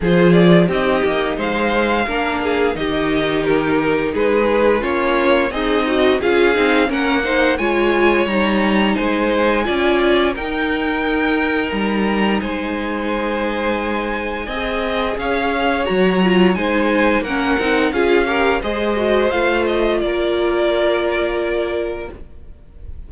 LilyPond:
<<
  \new Staff \with { instrumentName = "violin" } { \time 4/4 \tempo 4 = 87 c''8 d''8 dis''4 f''2 | dis''4 ais'4 b'4 cis''4 | dis''4 f''4 fis''4 gis''4 | ais''4 gis''2 g''4~ |
g''4 ais''4 gis''2~ | gis''2 f''4 ais''4 | gis''4 fis''4 f''4 dis''4 | f''8 dis''8 d''2. | }
  \new Staff \with { instrumentName = "violin" } { \time 4/4 gis'4 g'4 c''4 ais'8 gis'8 | g'2 gis'4 f'4 | dis'4 gis'4 ais'8 c''8 cis''4~ | cis''4 c''4 d''4 ais'4~ |
ais'2 c''2~ | c''4 dis''4 cis''2 | c''4 ais'4 gis'8 ais'8 c''4~ | c''4 ais'2. | }
  \new Staff \with { instrumentName = "viola" } { \time 4/4 f'4 dis'2 d'4 | dis'2. cis'4 | gis'8 fis'8 f'8 dis'8 cis'8 dis'8 f'4 | dis'2 f'4 dis'4~ |
dis'1~ | dis'4 gis'2 fis'8 f'8 | dis'4 cis'8 dis'8 f'8 g'8 gis'8 fis'8 | f'1 | }
  \new Staff \with { instrumentName = "cello" } { \time 4/4 f4 c'8 ais8 gis4 ais4 | dis2 gis4 ais4 | c'4 cis'8 c'8 ais4 gis4 | g4 gis4 cis'4 dis'4~ |
dis'4 g4 gis2~ | gis4 c'4 cis'4 fis4 | gis4 ais8 c'8 cis'4 gis4 | a4 ais2. | }
>>